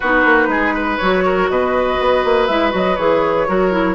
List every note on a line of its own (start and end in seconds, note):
0.00 0.25 B3
0.00 1.01 D#4
0.00 0.47 F#4
0.00 0.97 B4
0.25 0.47 A#3
0.47 0.97 G#3
0.47 0.74 G#4
0.74 1.23 B4
0.97 1.49 F#3
0.97 2.50 F#4
0.97 1.47 C#5
1.25 1.50 A#4
1.49 1.99 B2
1.49 3.48 B4
1.49 2.46 D#5
1.99 2.24 B3
2.24 2.49 A#3
2.46 2.73 G#3
2.46 2.71 E4
2.46 2.71 E5
2.71 2.98 F#3
2.71 2.95 F#4
2.71 2.95 D#5
2.95 3.47 E3
2.95 3.47 G#4
2.95 3.95 C#5
3.47 3.95 F#3
3.47 3.71 F#4
3.47 3.95 A#4
3.71 3.95 E4